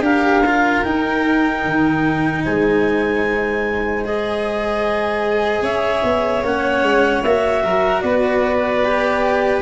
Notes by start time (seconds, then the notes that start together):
0.00 D4 G4 A#4 F5
0.45 F4
0.83 D#4 G5
1.64 D#3
2.43 G#3 C5 G#5
4.04 G#4 D#5
5.62 C#4 C#5 E5
6.03 B3
6.43 A#3 C#4 F#5
6.82 G#3
7.23 A#3 F#4 E5
7.63 F#3 A#4
8.01 B3 B4 D5
8.85 G4